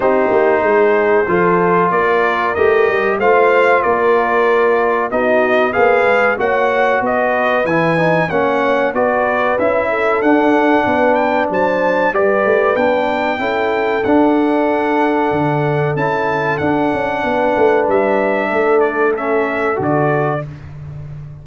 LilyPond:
<<
  \new Staff \with { instrumentName = "trumpet" } { \time 4/4 \tempo 4 = 94 c''2. d''4 | dis''4 f''4 d''2 | dis''4 f''4 fis''4 dis''4 | gis''4 fis''4 d''4 e''4 |
fis''4. g''8 a''4 d''4 | g''2 fis''2~ | fis''4 a''4 fis''2 | e''4. d''8 e''4 d''4 | }
  \new Staff \with { instrumentName = "horn" } { \time 4/4 g'4 gis'4 a'4 ais'4~ | ais'4 c''4 ais'2 | fis'4 b'4 cis''4 b'4~ | b'4 cis''4 b'4. a'8~ |
a'4 b'4 c''4 b'4~ | b'4 a'2.~ | a'2. b'4~ | b'4 a'2. | }
  \new Staff \with { instrumentName = "trombone" } { \time 4/4 dis'2 f'2 | g'4 f'2. | dis'4 gis'4 fis'2 | e'8 dis'8 cis'4 fis'4 e'4 |
d'2. g'4 | d'4 e'4 d'2~ | d'4 e'4 d'2~ | d'2 cis'4 fis'4 | }
  \new Staff \with { instrumentName = "tuba" } { \time 4/4 c'8 ais8 gis4 f4 ais4 | a8 g8 a4 ais2 | b4 ais8 gis8 ais4 b4 | e4 ais4 b4 cis'4 |
d'4 b4 fis4 g8 a8 | b4 cis'4 d'2 | d4 cis'4 d'8 cis'8 b8 a8 | g4 a2 d4 | }
>>